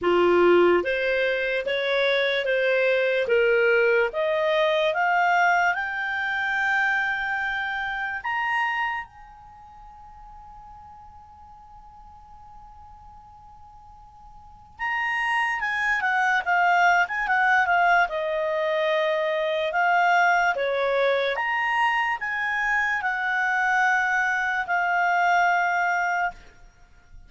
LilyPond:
\new Staff \with { instrumentName = "clarinet" } { \time 4/4 \tempo 4 = 73 f'4 c''4 cis''4 c''4 | ais'4 dis''4 f''4 g''4~ | g''2 ais''4 gis''4~ | gis''1~ |
gis''2 ais''4 gis''8 fis''8 | f''8. gis''16 fis''8 f''8 dis''2 | f''4 cis''4 ais''4 gis''4 | fis''2 f''2 | }